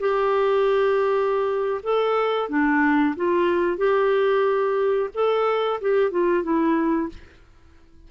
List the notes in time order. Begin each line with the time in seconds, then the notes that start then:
0.00 G4
1.83 A4
2.49 D4
3.16 F4
3.78 G4
5.15 A4
5.81 G4
6.11 F4
6.43 E4